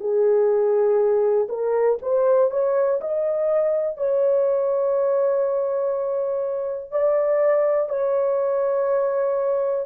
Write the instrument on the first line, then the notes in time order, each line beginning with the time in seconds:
horn
0.00 G#4
1.48 A#4
2.02 C5
2.51 C#5
3.01 D#5
3.97 C#5
6.91 D5
7.89 C#5